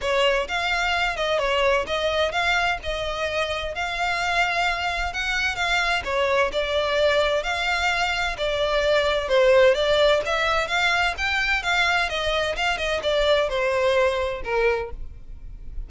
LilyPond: \new Staff \with { instrumentName = "violin" } { \time 4/4 \tempo 4 = 129 cis''4 f''4. dis''8 cis''4 | dis''4 f''4 dis''2 | f''2. fis''4 | f''4 cis''4 d''2 |
f''2 d''2 | c''4 d''4 e''4 f''4 | g''4 f''4 dis''4 f''8 dis''8 | d''4 c''2 ais'4 | }